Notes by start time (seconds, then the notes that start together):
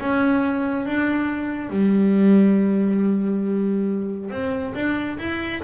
0.00 C#4
0.86 D4
1.70 G3
4.31 C4
4.75 D4
5.19 E4